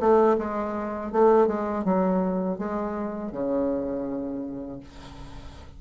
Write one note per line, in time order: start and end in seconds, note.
0.00 0.37 A3
0.38 1.12 G#3
1.12 1.47 A3
1.47 1.85 G#3
1.85 2.59 F#3
2.59 3.32 G#3
3.32 4.80 C#3